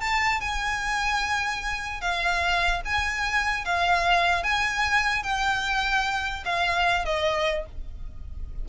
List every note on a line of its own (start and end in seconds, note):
0.00 0.40 A5
0.40 2.01 G#5
2.01 2.81 F5
2.85 3.65 G#5
3.65 4.43 F5
4.43 5.23 G#5
5.23 6.44 G5
6.45 7.05 F5
7.05 7.65 D#5